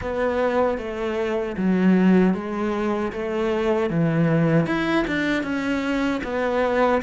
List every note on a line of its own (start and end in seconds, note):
0.01 0.78 B3
0.78 1.56 A3
1.57 2.34 F#3
2.34 3.12 G#3
3.12 3.90 A3
3.90 4.66 E3
4.66 5.05 E4
5.07 5.43 D4
5.43 6.21 C#4
6.23 7.01 B3